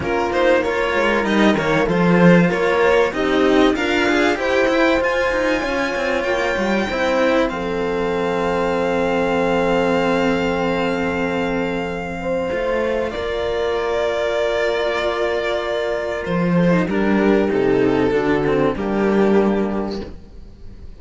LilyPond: <<
  \new Staff \with { instrumentName = "violin" } { \time 4/4 \tempo 4 = 96 ais'8 c''8 cis''4 dis''8 cis''8 c''4 | cis''4 dis''4 f''4 g''4 | gis''2 g''2 | f''1~ |
f''1~ | f''4 d''2.~ | d''2 c''4 ais'4 | a'2 g'2 | }
  \new Staff \with { instrumentName = "horn" } { \time 4/4 f'4 ais'2 a'4 | ais'4 g'4 f'4 c''4~ | c''4 cis''2 c''4 | a'1~ |
a'2.~ a'8 c''8~ | c''4 ais'2.~ | ais'2~ ais'8 a'8 g'4~ | g'4 fis'4 d'2 | }
  \new Staff \with { instrumentName = "cello" } { \time 4/4 cis'8 dis'8 f'4 dis'8 ais8 f'4~ | f'4 dis'4 ais'8 gis'8 g'8 e'8 | f'2. e'4 | c'1~ |
c'1 | f'1~ | f'2~ f'8. dis'16 d'4 | dis'4 d'8 c'8 ais2 | }
  \new Staff \with { instrumentName = "cello" } { \time 4/4 ais4. gis8 g8 dis8 f4 | ais4 c'4 d'4 e'4 | f'8 dis'8 cis'8 c'8 ais8 g8 c'4 | f1~ |
f1 | a4 ais2.~ | ais2 f4 g4 | c4 d4 g2 | }
>>